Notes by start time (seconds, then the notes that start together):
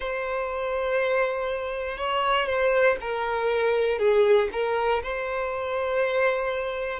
0.00 C5
1.97 C#5
2.46 C5
3.00 A#4
3.99 G#4
4.52 A#4
5.03 C5